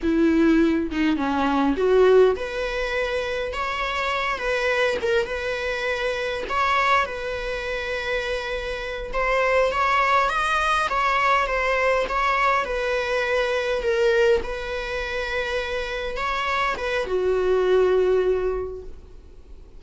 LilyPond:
\new Staff \with { instrumentName = "viola" } { \time 4/4 \tempo 4 = 102 e'4. dis'8 cis'4 fis'4 | b'2 cis''4. b'8~ | b'8 ais'8 b'2 cis''4 | b'2.~ b'8 c''8~ |
c''8 cis''4 dis''4 cis''4 c''8~ | c''8 cis''4 b'2 ais'8~ | ais'8 b'2. cis''8~ | cis''8 b'8 fis'2. | }